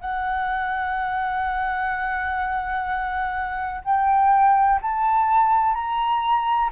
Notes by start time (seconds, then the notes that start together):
0.00 F#5
3.84 G5
4.81 A5
5.74 A#5